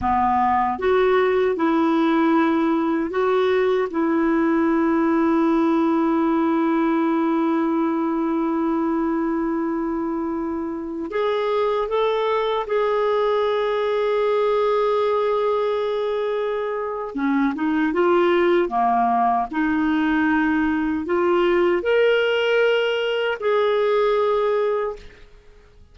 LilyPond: \new Staff \with { instrumentName = "clarinet" } { \time 4/4 \tempo 4 = 77 b4 fis'4 e'2 | fis'4 e'2.~ | e'1~ | e'2~ e'16 gis'4 a'8.~ |
a'16 gis'2.~ gis'8.~ | gis'2 cis'8 dis'8 f'4 | ais4 dis'2 f'4 | ais'2 gis'2 | }